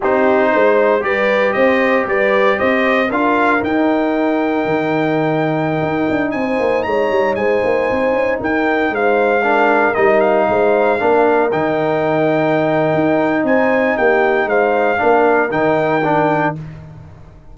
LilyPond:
<<
  \new Staff \with { instrumentName = "trumpet" } { \time 4/4 \tempo 4 = 116 c''2 d''4 dis''4 | d''4 dis''4 f''4 g''4~ | g''1~ | g''16 gis''4 ais''4 gis''4.~ gis''16~ |
gis''16 g''4 f''2 dis''8 f''16~ | f''2~ f''16 g''4.~ g''16~ | g''2 gis''4 g''4 | f''2 g''2 | }
  \new Staff \with { instrumentName = "horn" } { \time 4/4 g'4 c''4 b'4 c''4 | b'4 c''4 ais'2~ | ais'1~ | ais'16 c''4 cis''4 c''4.~ c''16~ |
c''16 ais'4 c''4 ais'4.~ ais'16~ | ais'16 c''4 ais'2~ ais'8.~ | ais'2 c''4 g'4 | c''4 ais'2. | }
  \new Staff \with { instrumentName = "trombone" } { \time 4/4 dis'2 g'2~ | g'2 f'4 dis'4~ | dis'1~ | dis'1~ |
dis'2~ dis'16 d'4 dis'8.~ | dis'4~ dis'16 d'4 dis'4.~ dis'16~ | dis'1~ | dis'4 d'4 dis'4 d'4 | }
  \new Staff \with { instrumentName = "tuba" } { \time 4/4 c'4 gis4 g4 c'4 | g4 c'4 d'4 dis'4~ | dis'4 dis2~ dis16 dis'8 d'16~ | d'16 c'8 ais8 gis8 g8 gis8 ais8 c'8 cis'16~ |
cis'16 dis'4 gis2 g8.~ | g16 gis4 ais4 dis4.~ dis16~ | dis4 dis'4 c'4 ais4 | gis4 ais4 dis2 | }
>>